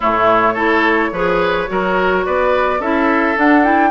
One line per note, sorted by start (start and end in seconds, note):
0.00 0.55 A2
0.00 0.56 A3
0.00 0.53 E4
0.00 2.25 C#5
0.53 1.11 A3
0.53 1.12 E4
0.53 1.09 A4
1.11 1.68 F3
1.11 1.67 G#4
1.11 1.69 B4
1.67 2.26 F#3
1.67 2.79 F#4
1.67 2.25 A#4
2.25 2.79 B3
2.25 2.80 B4
2.25 2.81 D5
2.79 3.36 C#4
2.79 3.36 E4
2.79 3.90 A4
2.79 3.37 E5
3.36 3.64 D4
3.36 3.90 D4
3.36 3.64 F#5
3.64 3.90 E4
3.64 3.90 G5